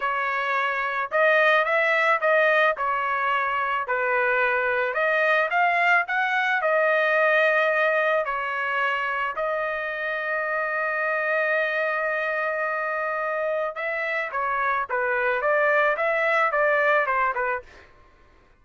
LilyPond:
\new Staff \with { instrumentName = "trumpet" } { \time 4/4 \tempo 4 = 109 cis''2 dis''4 e''4 | dis''4 cis''2 b'4~ | b'4 dis''4 f''4 fis''4 | dis''2. cis''4~ |
cis''4 dis''2.~ | dis''1~ | dis''4 e''4 cis''4 b'4 | d''4 e''4 d''4 c''8 b'8 | }